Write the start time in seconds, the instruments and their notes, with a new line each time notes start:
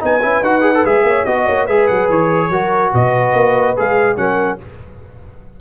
0.00 tuba B3, trombone D#4, horn B4, trumpet G#5
0.22 tuba C#4, trombone E4
0.43 tuba D#4, trombone F#4, trumpet F#5
0.62 trombone G#4
0.75 trombone A4
0.86 tuba G#3, trombone G#4, trumpet E5
1.04 tuba A#3, horn C#5
1.25 tuba B3, trombone F#4, trumpet D#5, horn D#5
1.47 tuba A#3, horn C#5
1.66 tuba G#3, trombone G#4, horn B4, trumpet E5
1.88 tuba F#3, trumpet F#5
2.10 tuba E3, trumpet C#5
2.50 tuba F#3, trombone F#4, horn A#4
2.93 tuba B2, horn B4, trumpet D#5
3.34 tuba A#3
3.77 tuba G#3, trombone G#4, trumpet F5
4.17 tuba F#3, trombone C#4, horn A#4, trumpet F#5